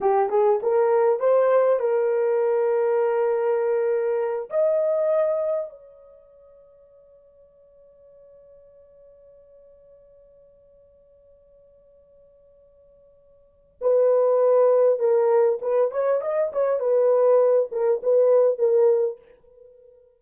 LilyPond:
\new Staff \with { instrumentName = "horn" } { \time 4/4 \tempo 4 = 100 g'8 gis'8 ais'4 c''4 ais'4~ | ais'2.~ ais'8 dis''8~ | dis''4. cis''2~ cis''8~ | cis''1~ |
cis''1~ | cis''2. b'4~ | b'4 ais'4 b'8 cis''8 dis''8 cis''8 | b'4. ais'8 b'4 ais'4 | }